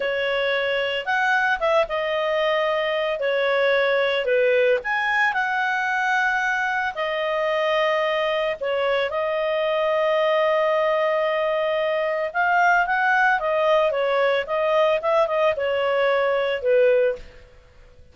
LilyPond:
\new Staff \with { instrumentName = "clarinet" } { \time 4/4 \tempo 4 = 112 cis''2 fis''4 e''8 dis''8~ | dis''2 cis''2 | b'4 gis''4 fis''2~ | fis''4 dis''2. |
cis''4 dis''2.~ | dis''2. f''4 | fis''4 dis''4 cis''4 dis''4 | e''8 dis''8 cis''2 b'4 | }